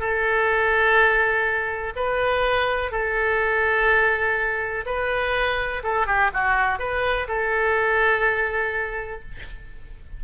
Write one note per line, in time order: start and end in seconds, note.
0.00 1.94 A4
1.96 2.92 B4
2.92 4.85 A4
4.86 5.83 B4
5.84 6.07 A4
6.07 6.31 G4
6.34 6.79 F#4
6.79 7.28 B4
7.28 9.22 A4